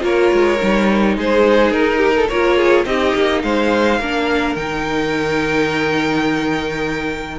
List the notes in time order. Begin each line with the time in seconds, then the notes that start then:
0.00 A#3 F4 A#4 C#5
0.33 G#3
0.60 G3 D#4
1.18 G#3 G#4 C5
1.71 D#4 A#4
1.98 G4
2.17 A4
2.29 A#3 F4 A#4 C#5
2.58 G#4
2.85 C4 D#4 G4 D#5
3.16 A#3
3.43 G#3 C5 F5
4.00 A#3 D4 A#4
4.56 D#3 D#4 G5